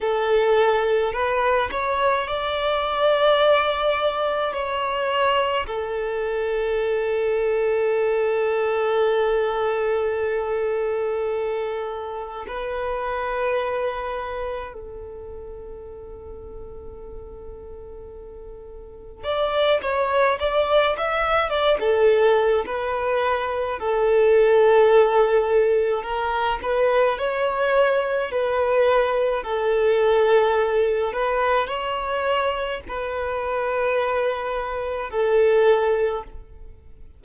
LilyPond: \new Staff \with { instrumentName = "violin" } { \time 4/4 \tempo 4 = 53 a'4 b'8 cis''8 d''2 | cis''4 a'2.~ | a'2. b'4~ | b'4 a'2.~ |
a'4 d''8 cis''8 d''8 e''8 d''16 a'8. | b'4 a'2 ais'8 b'8 | cis''4 b'4 a'4. b'8 | cis''4 b'2 a'4 | }